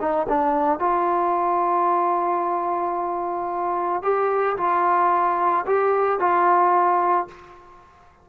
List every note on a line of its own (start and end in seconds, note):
0.00 0.27 D#4
0.29 0.79 D4
0.79 4.03 F4
4.03 4.57 G4
4.57 5.65 F4
5.66 6.20 G4
6.20 7.28 F4